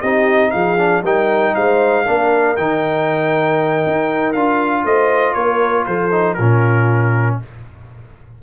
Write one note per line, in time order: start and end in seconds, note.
0.00 0.53 C4
0.00 0.78 D#4
0.00 0.51 G4
0.00 0.51 D#5
0.51 1.03 F3
0.51 1.02 G#4
0.51 1.01 F5
0.78 1.03 D4
1.02 1.53 G3
1.02 2.06 D#4
1.02 1.53 A#4
1.02 1.54 G5
1.54 2.07 G#3
1.54 2.04 C5
1.54 2.56 F5
2.04 2.57 A#3
2.04 2.57 D4
2.04 4.84 A#4
2.56 3.85 D#3
2.56 4.35 D#4
2.56 4.32 G5
3.86 4.35 D#4
4.32 4.84 D4
4.32 6.11 F4
4.32 4.83 F5
4.84 5.35 A3
4.84 5.35 C5
4.84 5.33 D#5
5.33 5.85 A#3
5.33 5.86 A#4
5.33 5.84 C#5
5.86 6.38 F3
5.86 6.37 A4
5.86 6.34 C5
6.11 6.36 D#4
6.34 7.40 A#2
6.34 7.39 F4
6.34 7.35 A#4
6.40 7.42 C#4